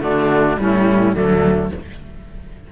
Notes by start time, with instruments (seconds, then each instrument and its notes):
0.00 cello D3 A3, oboe D4, flute F#4
0.58 cello A2 G3, oboe C#4, flute E4
1.14 cello D2 F#3, oboe A3, flute D4